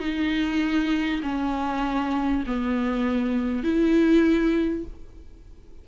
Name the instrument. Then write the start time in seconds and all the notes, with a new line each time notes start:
viola
0.00 D#4
1.23 C#4
2.47 B3
3.63 E4